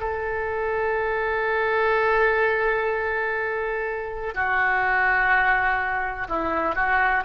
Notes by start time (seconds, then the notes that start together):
0.00 A4
4.35 F#4
6.29 E4
6.75 F#4